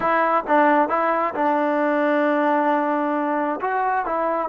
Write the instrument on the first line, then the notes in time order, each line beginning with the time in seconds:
trombone
0.00 E4
0.47 D4
0.89 E4
1.34 D4
3.60 F#4
4.05 E4